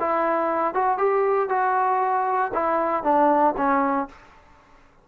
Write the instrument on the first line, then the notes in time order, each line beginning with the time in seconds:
trombone
0.00 E4
0.74 F#4
0.98 G4
1.49 F#4
2.54 E4
3.03 D4
3.57 C#4